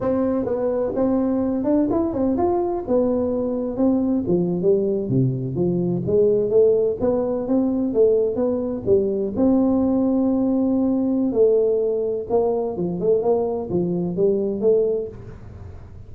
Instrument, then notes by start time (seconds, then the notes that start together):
tuba
0.01 C4
0.45 B3
0.95 C4
1.64 D4
1.90 E4
2.13 C4
2.37 F4
2.87 B3
3.76 C4
4.27 F3
4.62 G3
5.09 C3
5.55 F3
6.06 G#3
6.50 A3
7.00 B3
7.47 C4
7.93 A3
8.35 B3
8.86 G3
9.36 C4
11.32 A3
12.29 A#3
12.76 F3
13.00 A3
13.22 A#3
13.70 F3
14.16 G3
14.60 A3